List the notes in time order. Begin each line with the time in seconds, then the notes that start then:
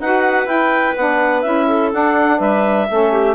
0.00 D#4 F#4 B4 F#5
0.46 E4 G5
0.96 B3 D4 F#5
1.42 C#4 E4 E5
1.68 A4
1.93 D4 F#5
2.38 G3 B4 E5
2.90 A3 C#4 A4
3.12 G4